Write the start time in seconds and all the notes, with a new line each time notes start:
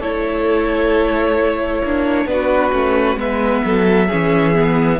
0.00 A3 E4 A4 C#5
1.83 A#3 D4
2.25 B3 D4 B4
2.32 F#4
2.72 A3 C#4
3.16 G#3 B3 B4 E5
3.64 F#3 A4
4.08 E3 C#4 G#4
4.54 B3